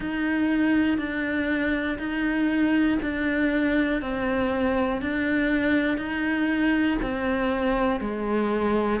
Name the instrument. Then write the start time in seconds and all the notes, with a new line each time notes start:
cello
0.00 D#4
0.98 D4
1.98 D#4
3.02 D4
4.01 C4
5.01 D4
5.97 D#4
7.01 C4
8.00 G#3